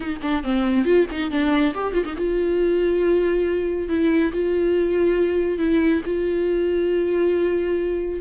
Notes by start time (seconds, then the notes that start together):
0.00 D#4
0.22 D4
0.43 C4
0.84 F4
1.11 D#4
1.31 D4
1.74 G4
1.93 F4
2.05 D#4
2.16 F4
3.88 E4
4.32 F4
5.58 E4
6.05 F4